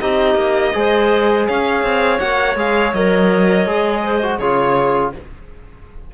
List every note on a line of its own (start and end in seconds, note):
0.00 0.35 C4
0.00 0.74 D#4
0.00 0.74 G4
0.00 1.46 D#5
0.35 0.72 A#3
0.74 1.48 G#3
0.74 2.20 G#4
0.74 1.48 C5
1.49 1.83 C#4
1.49 4.04 C#5
1.49 2.20 F5
1.83 2.20 C4
2.20 2.56 A#3
2.20 2.57 F#4
2.20 2.56 F#5
2.56 2.93 G#3
2.56 2.94 G#4
2.56 2.94 F5
2.93 3.66 F#3
2.93 3.67 A#4
2.93 4.39 D#5
3.66 4.39 G#3
3.66 4.22 G#4
4.04 4.39 C5
4.22 4.41 F#4
4.39 5.13 C#3
4.39 5.14 F4
4.39 5.12 G#4
4.39 5.12 C#5